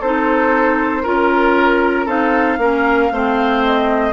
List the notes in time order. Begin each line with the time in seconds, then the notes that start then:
0.00 C4 D#4 A4 C5
1.03 C#4 F4 A#4
2.05 C4 D#4 A4 F5
2.58 A#3 C#4 A#4
3.11 A3 C4 C5
3.64 D#5